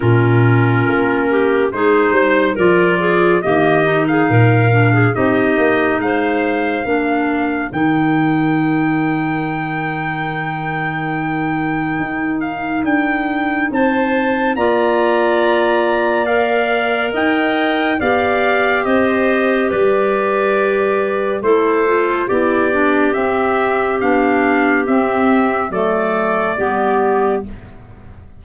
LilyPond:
<<
  \new Staff \with { instrumentName = "trumpet" } { \time 4/4 \tempo 4 = 70 ais'2 c''4 d''4 | dis''8. f''4~ f''16 dis''4 f''4~ | f''4 g''2.~ | g''2~ g''8 f''8 g''4 |
a''4 ais''2 f''4 | g''4 f''4 dis''4 d''4~ | d''4 c''4 d''4 e''4 | f''4 e''4 d''2 | }
  \new Staff \with { instrumentName = "clarinet" } { \time 4/4 f'4. g'8 gis'8 c''8 ais'8 gis'8 | g'8. gis'16 ais'8. gis'16 g'4 c''4 | ais'1~ | ais'1 |
c''4 d''2. | dis''4 d''4 c''4 b'4~ | b'4 a'4 g'2~ | g'2 a'4 g'4 | }
  \new Staff \with { instrumentName = "clarinet" } { \time 4/4 cis'2 dis'4 f'4 | ais8 dis'4 d'8 dis'2 | d'4 dis'2.~ | dis'1~ |
dis'4 f'2 ais'4~ | ais'4 g'2.~ | g'4 e'8 f'8 e'8 d'8 c'4 | d'4 c'4 a4 b4 | }
  \new Staff \with { instrumentName = "tuba" } { \time 4/4 ais,4 ais4 gis8 g8 f4 | dis4 ais,4 c'8 ais8 gis4 | ais4 dis2.~ | dis2 dis'4 d'4 |
c'4 ais2. | dis'4 b4 c'4 g4~ | g4 a4 b4 c'4 | b4 c'4 fis4 g4 | }
>>